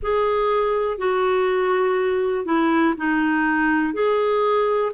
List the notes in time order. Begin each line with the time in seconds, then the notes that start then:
0.02 G#4
0.98 F#4
2.45 E4
2.97 D#4
3.93 G#4